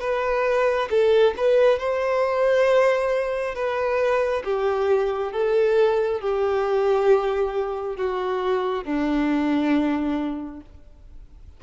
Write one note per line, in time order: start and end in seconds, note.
0.00 0.88 B4
0.90 1.34 A4
1.37 1.79 B4
1.79 3.55 C5
3.55 4.43 B4
4.44 5.32 G4
5.32 6.20 A4
6.20 7.97 G4
7.97 8.84 F#4
8.84 10.60 D4